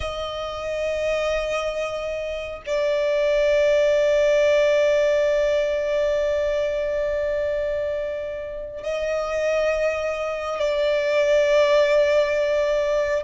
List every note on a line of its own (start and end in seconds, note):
0.00 2.62 D#5
2.66 8.83 D5
8.83 10.59 D#5
10.59 13.24 D5